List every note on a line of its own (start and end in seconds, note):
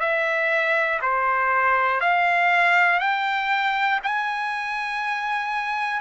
0.00 1.00 E5
1.02 2.01 C5
2.01 3.00 F5
3.00 4.00 G5
4.04 6.01 G#5